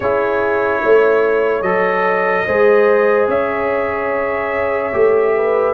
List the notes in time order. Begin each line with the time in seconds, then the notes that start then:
0.00 C#4 E4 G#4 C#5
0.82 A3 C#5
1.61 F#3 A4 D#5
2.46 G#3 G#4 C5
3.28 C#4 C#5 E5
4.92 A3 G4
5.36 B4